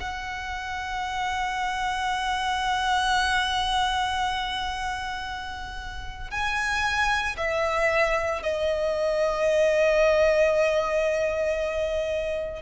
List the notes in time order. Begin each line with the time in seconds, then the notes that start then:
0.00 F#5
6.31 G#5
7.37 E5
8.43 D#5